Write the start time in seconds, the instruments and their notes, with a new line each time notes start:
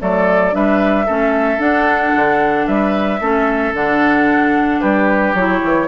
0.00 bassoon F#3, clarinet A3, oboe A4, flute D5
0.52 bassoon G3, clarinet D4, oboe B4, flute E5
1.06 bassoon A3, clarinet C#4, oboe A4
1.58 clarinet D4, bassoon D4, flute F#5
2.16 bassoon D3
2.67 bassoon G3, oboe B4, flute E5
3.21 bassoon A3, clarinet C#4, oboe A4
3.74 bassoon D3, clarinet D4, flute F#5
4.81 bassoon G3, oboe G4, flute B4
5.34 bassoon F#3, clarinet E4, flute C#5
5.65 bassoon E3